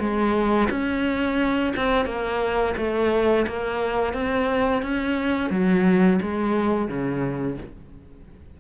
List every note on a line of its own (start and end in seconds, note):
0.00 0.69 G#3
0.71 1.74 C#4
1.76 2.06 C4
2.06 2.75 A#3
2.77 3.46 A3
3.47 4.14 A#3
4.14 4.82 C4
4.82 5.50 C#4
5.50 6.19 F#3
6.22 6.88 G#3
6.88 7.57 C#3